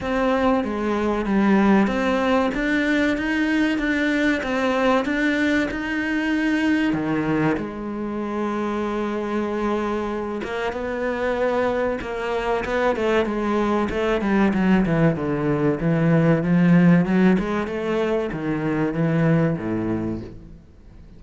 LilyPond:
\new Staff \with { instrumentName = "cello" } { \time 4/4 \tempo 4 = 95 c'4 gis4 g4 c'4 | d'4 dis'4 d'4 c'4 | d'4 dis'2 dis4 | gis1~ |
gis8 ais8 b2 ais4 | b8 a8 gis4 a8 g8 fis8 e8 | d4 e4 f4 fis8 gis8 | a4 dis4 e4 a,4 | }